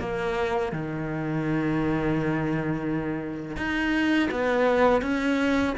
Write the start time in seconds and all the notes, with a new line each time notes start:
0.00 A#3
0.73 D#3
3.57 D#4
4.31 B3
5.02 C#4